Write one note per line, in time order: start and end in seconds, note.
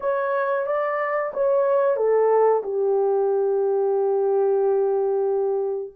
0.00 0.66 C#5
0.66 1.32 D5
1.33 1.96 C#5
1.96 2.62 A4
2.63 5.93 G4